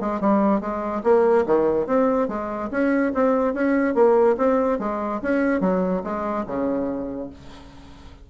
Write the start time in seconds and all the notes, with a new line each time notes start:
0.00 G#3
0.20 G3
0.60 G#3
1.03 A#3
1.46 D#3
1.86 C4
2.28 G#3
2.70 C#4
3.14 C4
3.53 C#4
3.94 A#3
4.37 C4
4.79 G#3
5.22 C#4
5.60 F#3
6.03 G#3
6.46 C#3